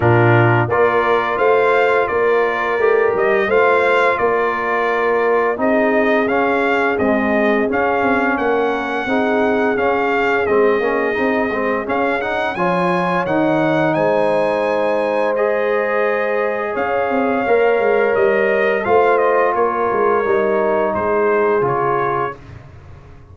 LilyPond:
<<
  \new Staff \with { instrumentName = "trumpet" } { \time 4/4 \tempo 4 = 86 ais'4 d''4 f''4 d''4~ | d''8 dis''8 f''4 d''2 | dis''4 f''4 dis''4 f''4 | fis''2 f''4 dis''4~ |
dis''4 f''8 fis''8 gis''4 fis''4 | gis''2 dis''2 | f''2 dis''4 f''8 dis''8 | cis''2 c''4 cis''4 | }
  \new Staff \with { instrumentName = "horn" } { \time 4/4 f'4 ais'4 c''4 ais'4~ | ais'4 c''4 ais'2 | gis'1 | ais'4 gis'2.~ |
gis'2 cis''2 | c''1 | cis''2. c''4 | ais'2 gis'2 | }
  \new Staff \with { instrumentName = "trombone" } { \time 4/4 d'4 f'2. | g'4 f'2. | dis'4 cis'4 gis4 cis'4~ | cis'4 dis'4 cis'4 c'8 cis'8 |
dis'8 c'8 cis'8 dis'8 f'4 dis'4~ | dis'2 gis'2~ | gis'4 ais'2 f'4~ | f'4 dis'2 f'4 | }
  \new Staff \with { instrumentName = "tuba" } { \time 4/4 ais,4 ais4 a4 ais4 | a8 g8 a4 ais2 | c'4 cis'4 c'4 cis'8 c'8 | ais4 c'4 cis'4 gis8 ais8 |
c'8 gis8 cis'4 f4 dis4 | gis1 | cis'8 c'8 ais8 gis8 g4 a4 | ais8 gis8 g4 gis4 cis4 | }
>>